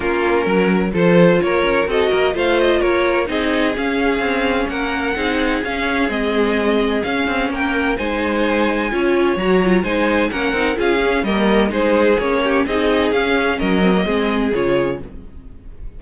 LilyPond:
<<
  \new Staff \with { instrumentName = "violin" } { \time 4/4 \tempo 4 = 128 ais'2 c''4 cis''4 | dis''4 f''8 dis''8 cis''4 dis''4 | f''2 fis''2 | f''4 dis''2 f''4 |
g''4 gis''2. | ais''4 gis''4 fis''4 f''4 | dis''4 c''4 cis''4 dis''4 | f''4 dis''2 cis''4 | }
  \new Staff \with { instrumentName = "violin" } { \time 4/4 f'4 ais'4 a'4 ais'4 | a'8 ais'8 c''4 ais'4 gis'4~ | gis'2 ais'4 gis'4~ | gis'1 |
ais'4 c''2 cis''4~ | cis''4 c''4 ais'4 gis'4 | ais'4 gis'4. g'8 gis'4~ | gis'4 ais'4 gis'2 | }
  \new Staff \with { instrumentName = "viola" } { \time 4/4 cis'2 f'2 | fis'4 f'2 dis'4 | cis'2. dis'4 | cis'4 c'2 cis'4~ |
cis'4 dis'2 f'4 | fis'8 f'8 dis'4 cis'8 dis'8 f'8 cis'8 | ais4 dis'4 cis'4 dis'4 | cis'4. c'16 ais16 c'4 f'4 | }
  \new Staff \with { instrumentName = "cello" } { \time 4/4 ais4 fis4 f4 ais8 cis'8 | c'8 ais8 a4 ais4 c'4 | cis'4 c'4 ais4 c'4 | cis'4 gis2 cis'8 c'8 |
ais4 gis2 cis'4 | fis4 gis4 ais8 c'8 cis'4 | g4 gis4 ais4 c'4 | cis'4 fis4 gis4 cis4 | }
>>